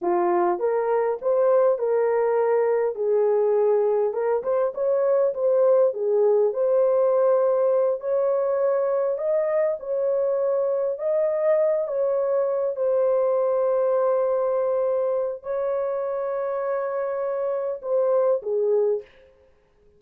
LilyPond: \new Staff \with { instrumentName = "horn" } { \time 4/4 \tempo 4 = 101 f'4 ais'4 c''4 ais'4~ | ais'4 gis'2 ais'8 c''8 | cis''4 c''4 gis'4 c''4~ | c''4. cis''2 dis''8~ |
dis''8 cis''2 dis''4. | cis''4. c''2~ c''8~ | c''2 cis''2~ | cis''2 c''4 gis'4 | }